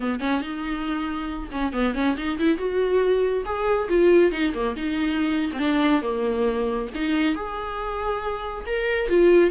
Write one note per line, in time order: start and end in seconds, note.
0.00 0.20 B3
0.20 0.41 C#4
0.41 1.49 D#4
1.51 1.72 C#4
1.72 1.94 B3
1.94 2.16 C#4
2.17 2.38 D#4
2.38 2.57 E4
2.57 3.44 F#4
3.45 3.88 G#4
3.88 4.31 F4
4.31 4.53 D#4
4.54 4.75 A#3
4.76 5.51 D#4
5.53 5.58 C4
5.53 6.01 D4
6.02 6.88 A#3
6.94 7.35 D#4
7.35 8.64 G#4
8.66 9.08 A#4
9.08 9.50 F4